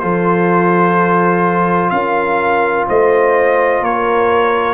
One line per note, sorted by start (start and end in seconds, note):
0.00 1.91 F3
0.00 4.74 F4
0.00 1.92 A4
0.00 1.90 C5
1.90 2.87 C#4
1.90 2.88 A#4
1.90 2.85 F5
2.88 3.81 A3
2.88 3.82 C5
2.88 3.84 D#5
3.81 4.74 A#3
3.81 4.74 A#4
3.81 4.74 C#5